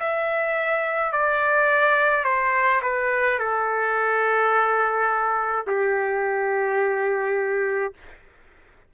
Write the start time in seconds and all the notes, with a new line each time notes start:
0.00 E5
1.13 D5
2.25 C5
2.83 B4
3.40 A4
5.68 G4